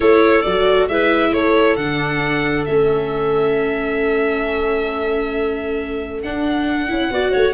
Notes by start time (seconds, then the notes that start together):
0.00 A3 E4 A4 C#5
0.41 F#3 D5
0.47 F#4
0.88 G#3 E4 B4 E5
1.30 A3 A4 C#5
1.76 D3 D4 F#5
2.65 A3 C#4 E5
6.22 D4 F#5
6.89 C#4 E4
7.10 B3 F#4 D5
7.31 A3 C#5